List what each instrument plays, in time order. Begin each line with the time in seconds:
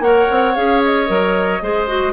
0.00 bassoon A#3, clarinet A#4, oboe C#5, flute F#5
0.31 bassoon C4
0.55 bassoon C#4, clarinet G#4, flute F5
0.85 flute D#5
1.08 bassoon F#3, clarinet A#4
1.62 bassoon G#3, clarinet G#4, oboe C5
1.88 clarinet F#4